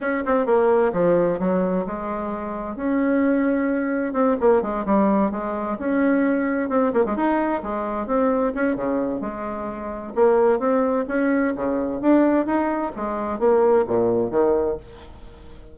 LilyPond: \new Staff \with { instrumentName = "bassoon" } { \time 4/4 \tempo 4 = 130 cis'8 c'8 ais4 f4 fis4 | gis2 cis'2~ | cis'4 c'8 ais8 gis8 g4 gis8~ | gis8 cis'2 c'8 ais16 gis16 dis'8~ |
dis'8 gis4 c'4 cis'8 cis4 | gis2 ais4 c'4 | cis'4 cis4 d'4 dis'4 | gis4 ais4 ais,4 dis4 | }